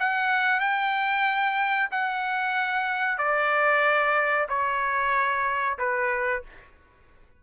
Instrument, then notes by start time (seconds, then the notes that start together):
trumpet
0.00 F#5
0.60 G5
1.92 F#5
3.19 D5
4.49 C#5
5.79 B4